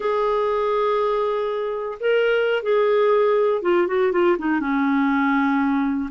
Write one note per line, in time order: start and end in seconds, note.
0.00 1.98 G#4
2.00 2.62 A#4
2.62 3.62 G#4
3.62 3.87 F4
3.87 4.12 F#4
4.12 4.37 F4
4.38 4.60 D#4
4.60 6.10 C#4